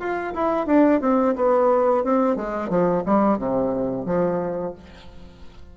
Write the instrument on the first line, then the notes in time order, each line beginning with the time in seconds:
bassoon
0.00 F4
0.34 E4
0.67 D4
1.01 C4
1.36 B3
2.04 C4
2.36 G#3
2.70 F3
3.06 G3
3.38 C3
4.06 F3